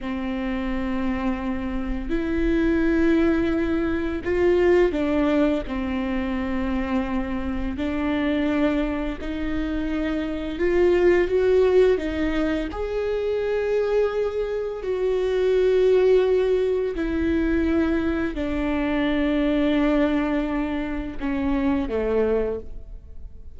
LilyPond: \new Staff \with { instrumentName = "viola" } { \time 4/4 \tempo 4 = 85 c'2. e'4~ | e'2 f'4 d'4 | c'2. d'4~ | d'4 dis'2 f'4 |
fis'4 dis'4 gis'2~ | gis'4 fis'2. | e'2 d'2~ | d'2 cis'4 a4 | }